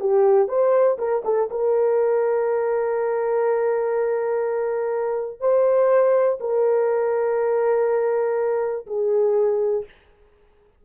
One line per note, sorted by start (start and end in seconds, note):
0.00 0.48 G4
0.48 0.97 C5
0.98 1.22 A#4
1.25 1.49 A4
1.50 5.40 A#4
5.40 6.38 C5
6.40 8.86 A#4
8.86 9.85 G#4